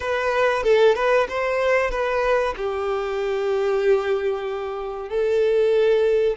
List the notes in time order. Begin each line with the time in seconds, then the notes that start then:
0.00 B4
0.63 A4
0.95 B4
1.29 C5
1.90 B4
2.56 G4
5.09 A4